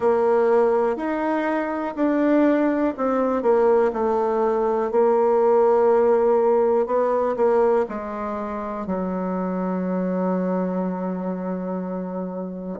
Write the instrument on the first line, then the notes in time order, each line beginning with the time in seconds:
bassoon
0.00 A#3
0.96 D#4
1.95 D4
2.97 C4
3.42 A#3
3.93 A3
4.91 A#3
6.86 B3
7.36 A#3
7.88 G#3
8.86 F#3